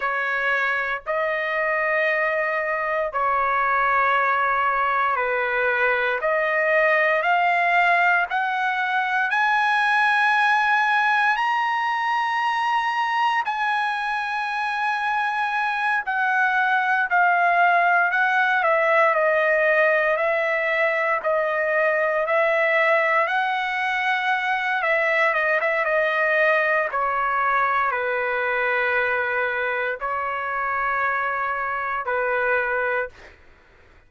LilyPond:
\new Staff \with { instrumentName = "trumpet" } { \time 4/4 \tempo 4 = 58 cis''4 dis''2 cis''4~ | cis''4 b'4 dis''4 f''4 | fis''4 gis''2 ais''4~ | ais''4 gis''2~ gis''8 fis''8~ |
fis''8 f''4 fis''8 e''8 dis''4 e''8~ | e''8 dis''4 e''4 fis''4. | e''8 dis''16 e''16 dis''4 cis''4 b'4~ | b'4 cis''2 b'4 | }